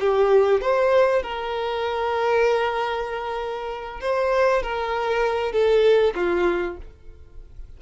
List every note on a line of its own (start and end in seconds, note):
0.00 0.61 G4
0.61 1.23 C5
1.23 4.01 A#4
4.01 4.63 C5
4.63 5.52 A#4
5.52 6.14 A4
6.15 6.77 F4